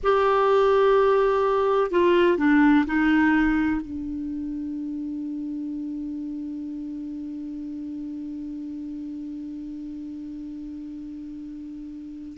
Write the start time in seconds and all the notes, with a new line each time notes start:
0.03 G4
1.90 F4
2.37 D4
2.86 D#4
3.81 D4